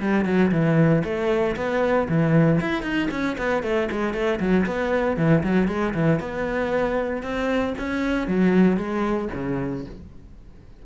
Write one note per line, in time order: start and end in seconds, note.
0.00 0.25 G3
0.25 0.51 F#3
0.52 1.03 E3
1.04 1.56 A3
1.56 2.08 B3
2.09 2.61 E3
2.61 2.83 E4
2.83 3.09 D#4
3.11 3.37 C#4
3.38 3.63 B3
3.63 3.89 A3
3.92 4.14 G#3
4.14 4.40 A3
4.40 4.66 F#3
4.66 5.17 B3
5.17 5.43 E3
5.44 5.68 F#3
5.68 5.94 G#3
5.94 6.20 E3
6.20 7.23 B3
7.23 7.74 C4
7.78 8.28 C#4
8.28 8.77 F#3
8.77 9.29 G#3
9.34 9.86 C#3